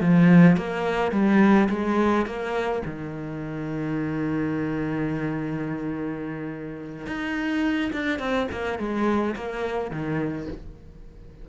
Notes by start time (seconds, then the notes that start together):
0.00 F3
0.57 A#3
1.11 G3
1.69 G#3
2.26 A#3
2.85 D#3
7.06 D#4
7.93 D4
8.19 C4
8.51 A#3
8.78 G#3
9.36 A#3
9.91 D#3